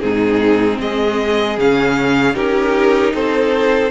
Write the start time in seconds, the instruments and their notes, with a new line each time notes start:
0.00 cello G#2, viola C4, violin D#4 G#4
0.80 cello G#3, violin G#4 D#5
1.57 cello C#3, viola C#4, violin F5
2.34 cello C#4, viola D#4, violin G4 A#4
3.14 cello C4, violin A4 C5